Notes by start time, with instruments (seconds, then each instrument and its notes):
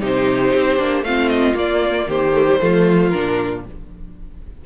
0.00 cello C3, viola D#4, violin G4 C5
0.55 cello C4
0.77 cello A#3, viola D4
1.02 cello A3, viola C4, violin F4 F5
1.28 violin D#5
1.54 viola A#3, cello A#3, violin D5
2.08 cello D#3, violin G4 C5
2.32 viola A3
2.47 viola G3
2.59 cello F3, viola A3, violin F4
3.09 cello A#2, viola D4, violin A#4